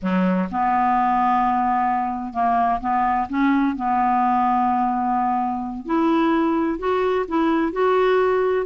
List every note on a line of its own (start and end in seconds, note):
0.02 0.49 F#3
0.51 2.33 B3
2.33 2.80 A#3
2.80 3.27 B3
3.29 3.75 C#4
3.76 5.85 B3
5.85 6.78 E4
6.78 7.25 F#4
7.28 7.72 E4
7.72 8.66 F#4